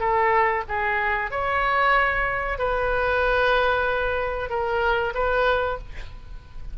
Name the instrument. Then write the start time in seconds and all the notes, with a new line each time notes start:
oboe
0.00 A4
0.69 G#4
1.31 C#5
2.59 B4
4.50 A#4
5.15 B4